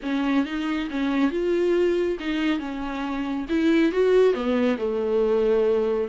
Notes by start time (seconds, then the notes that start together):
0.02 C#4
0.45 D#4
0.90 C#4
1.30 F4
2.19 D#4
2.59 C#4
3.49 E4
3.92 F#4
4.34 B3
4.77 A3